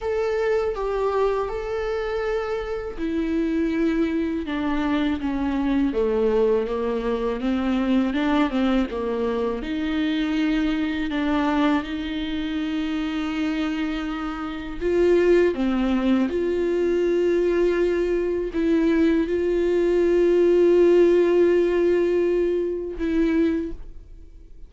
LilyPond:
\new Staff \with { instrumentName = "viola" } { \time 4/4 \tempo 4 = 81 a'4 g'4 a'2 | e'2 d'4 cis'4 | a4 ais4 c'4 d'8 c'8 | ais4 dis'2 d'4 |
dis'1 | f'4 c'4 f'2~ | f'4 e'4 f'2~ | f'2. e'4 | }